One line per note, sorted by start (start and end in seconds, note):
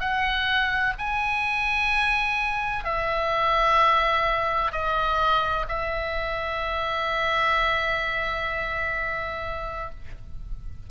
0.00 0.94 F#5
0.98 2.84 G#5
2.84 4.72 E5
4.72 5.66 D#5
5.68 9.90 E5